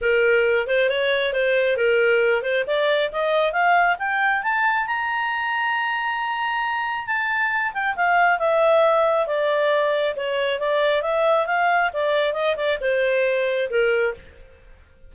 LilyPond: \new Staff \with { instrumentName = "clarinet" } { \time 4/4 \tempo 4 = 136 ais'4. c''8 cis''4 c''4 | ais'4. c''8 d''4 dis''4 | f''4 g''4 a''4 ais''4~ | ais''1 |
a''4. g''8 f''4 e''4~ | e''4 d''2 cis''4 | d''4 e''4 f''4 d''4 | dis''8 d''8 c''2 ais'4 | }